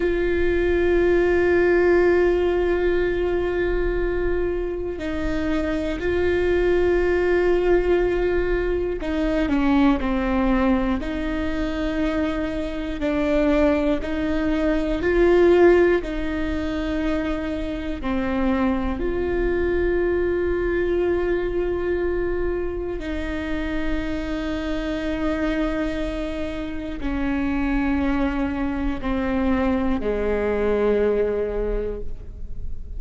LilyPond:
\new Staff \with { instrumentName = "viola" } { \time 4/4 \tempo 4 = 60 f'1~ | f'4 dis'4 f'2~ | f'4 dis'8 cis'8 c'4 dis'4~ | dis'4 d'4 dis'4 f'4 |
dis'2 c'4 f'4~ | f'2. dis'4~ | dis'2. cis'4~ | cis'4 c'4 gis2 | }